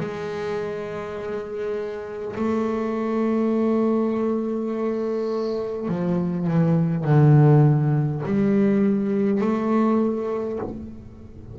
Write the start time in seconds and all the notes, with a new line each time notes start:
0.00 G#3
2.36 A3
5.88 F3
6.47 E3
7.04 D3
8.26 G3
9.41 A3